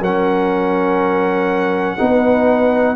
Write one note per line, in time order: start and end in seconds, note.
0.00 1.97 F#3
0.00 1.97 C#4
0.00 1.97 A#4
0.00 2.96 F#5
1.97 2.96 B3
1.97 2.96 D#4
1.97 2.96 B4